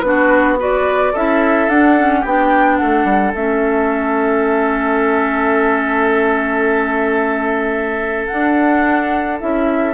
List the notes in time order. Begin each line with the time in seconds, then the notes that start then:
0.00 B3 D4 B4
0.07 F#4
0.58 F#4 B4 D5
1.12 C#4 E4 A4 E5
1.68 D4 F#5
1.98 C#4
2.20 B3 D4 G4 G5
2.77 A3 A4 F#5
3.04 G3
3.34 A3 C#4 E5
8.27 D4 F#5
9.39 C#4 E4 E5